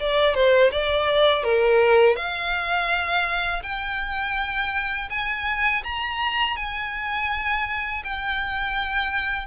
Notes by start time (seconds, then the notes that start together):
0.00 D5
0.34 C5
0.72 D5
1.44 A#4
2.16 F5
3.63 G5
5.10 G#5
5.83 A#5
6.57 G#5
8.04 G5